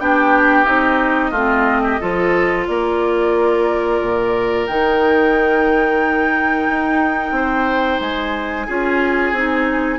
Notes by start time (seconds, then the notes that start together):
0.00 B3 D4 G4 G5
0.66 C4 D#4 D#5
1.32 A3 C4 F4
1.84 G4
2.01 F3 F4 A4
2.67 A#3 A#4 D5
4.01 A#2
4.67 D#3 D#4 G5
6.69 D#4
7.32 C4 C5
8.01 G#3 G#5
8.67 C#4 F4 G#4
9.32 C4 D#4